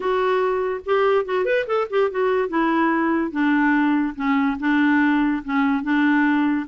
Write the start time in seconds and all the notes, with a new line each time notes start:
0.00 F#4
0.85 G4
1.25 F#4
1.45 B4
1.66 A4
1.90 G4
2.10 F#4
2.48 E4
3.31 D4
4.15 C#4
4.59 D4
5.44 C#4
5.83 D4